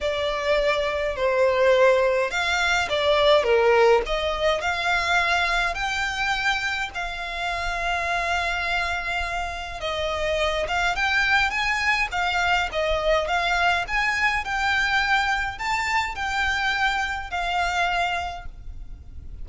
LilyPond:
\new Staff \with { instrumentName = "violin" } { \time 4/4 \tempo 4 = 104 d''2 c''2 | f''4 d''4 ais'4 dis''4 | f''2 g''2 | f''1~ |
f''4 dis''4. f''8 g''4 | gis''4 f''4 dis''4 f''4 | gis''4 g''2 a''4 | g''2 f''2 | }